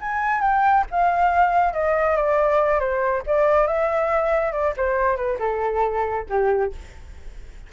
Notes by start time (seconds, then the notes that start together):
0.00 G#5
0.41 G5
0.90 F5
1.73 D#5
2.16 D5
2.79 C5
3.26 D5
3.67 E5
4.52 D5
4.76 C5
5.16 B4
5.39 A4
6.29 G4